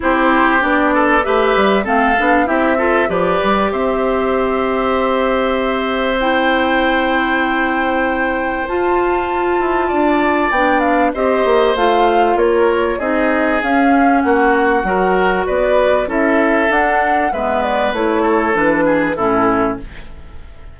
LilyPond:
<<
  \new Staff \with { instrumentName = "flute" } { \time 4/4 \tempo 4 = 97 c''4 d''4 e''4 f''4 | e''4 d''4 e''2~ | e''2 g''2~ | g''2 a''2~ |
a''4 g''8 f''8 dis''4 f''4 | cis''4 dis''4 f''4 fis''4~ | fis''4 d''4 e''4 fis''4 | e''8 d''8 cis''4 b'4 a'4 | }
  \new Staff \with { instrumentName = "oboe" } { \time 4/4 g'4. a'8 b'4 a'4 | g'8 a'8 b'4 c''2~ | c''1~ | c''1 |
d''2 c''2 | ais'4 gis'2 fis'4 | ais'4 b'4 a'2 | b'4. a'4 gis'8 e'4 | }
  \new Staff \with { instrumentName = "clarinet" } { \time 4/4 e'4 d'4 g'4 c'8 d'8 | e'8 f'8 g'2.~ | g'2 e'2~ | e'2 f'2~ |
f'4 d'4 g'4 f'4~ | f'4 dis'4 cis'2 | fis'2 e'4 d'4 | b4 e'4 d'4 cis'4 | }
  \new Staff \with { instrumentName = "bassoon" } { \time 4/4 c'4 b4 a8 g8 a8 b8 | c'4 f8 g8 c'2~ | c'1~ | c'2 f'4. e'8 |
d'4 b4 c'8 ais8 a4 | ais4 c'4 cis'4 ais4 | fis4 b4 cis'4 d'4 | gis4 a4 e4 a,4 | }
>>